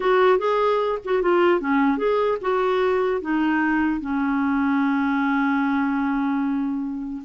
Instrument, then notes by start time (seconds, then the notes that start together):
clarinet
0.00 F#4
0.38 G#4
1.04 F#4
1.22 F4
1.60 C#4
1.97 G#4
2.41 F#4
3.21 D#4
4.00 C#4